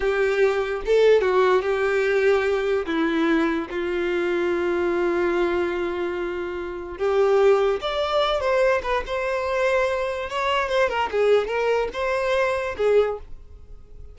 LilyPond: \new Staff \with { instrumentName = "violin" } { \time 4/4 \tempo 4 = 146 g'2 a'4 fis'4 | g'2. e'4~ | e'4 f'2.~ | f'1~ |
f'4 g'2 d''4~ | d''8 c''4 b'8 c''2~ | c''4 cis''4 c''8 ais'8 gis'4 | ais'4 c''2 gis'4 | }